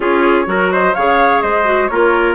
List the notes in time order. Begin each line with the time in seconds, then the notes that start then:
0.00 C#4 F4 G#4 C#5
0.45 F#3 F#4 A#4
0.72 C5 D#5
0.94 C#3 G#4 C#5 F5
1.41 G#3 C5 D#5
1.64 F#4
1.87 A#3 F4 A#4 C#5